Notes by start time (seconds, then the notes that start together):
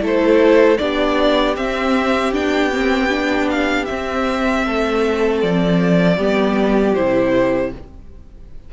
0.00 A3 E4 A4
0.06 C5
0.77 B3 D4 G4 D5
1.56 C4 E5
2.32 B3 D4 G5
2.73 C4
3.09 D4
3.50 F5
3.85 C4 E5
4.66 A3 A4
5.41 F3 D5
6.16 G3 B3 G4
6.94 C3 E4 C5